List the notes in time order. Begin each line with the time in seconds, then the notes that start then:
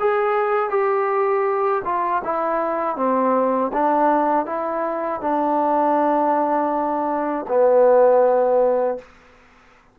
0.00 G#4
0.70 G4
1.85 F4
2.25 E4
2.97 C4
3.73 D4
4.46 E4
5.21 D4
7.49 B3